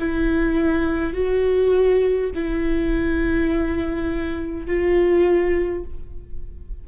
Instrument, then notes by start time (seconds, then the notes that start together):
viola
0.00 E4
1.14 F#4
2.35 E4
4.67 F4